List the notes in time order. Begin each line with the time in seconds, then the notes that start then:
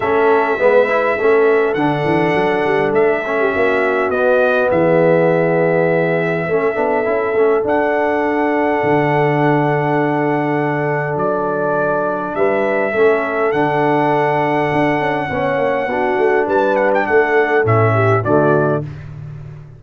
0.00 A3 C#4 A4 E5
0.58 G#3 B3 B4
0.87 E4
1.18 A3 C#4 A4
1.73 D3 D4 F#5
2.04 E3
2.35 F#3
2.65 G3
2.92 A3 E5
3.26 C#4
3.39 G4
3.52 A#3 F#4
4.09 B3 D#5
4.70 E3 G#4 E5
6.47 A3 C#4 A4
6.74 B3 D4
7.04 C#4 E4
7.34 A3 C#4
7.63 D4 F#5
8.83 D3
11.16 F#3 D5
12.34 G3 B4 E5
12.91 A3 C#4 A4
13.52 D3 D4 F#5
14.72 D4
14.99 C#4
15.30 B3 C#4 C#5
15.57 A#3
15.86 B3 D4 F#4
16.17 A3
16.46 G3 B4 A5
16.76 F#5
16.94 G5
17.06 A3 A4 F#5
17.64 A2 C#4 E5
17.93 G4
18.23 D3 A3 F#4 D5